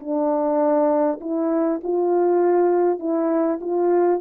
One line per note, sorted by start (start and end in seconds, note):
0.00 1.20 D4
1.21 1.81 E4
1.84 2.99 F4
2.99 3.59 E4
3.61 4.21 F4